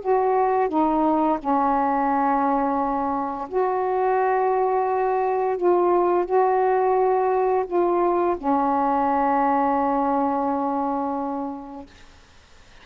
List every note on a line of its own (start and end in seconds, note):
0.00 0.68 F#4
0.68 1.38 D#4
1.39 3.48 C#4
3.48 5.57 F#4
5.57 6.25 F4
6.25 7.65 F#4
7.66 8.36 F4
8.37 11.86 C#4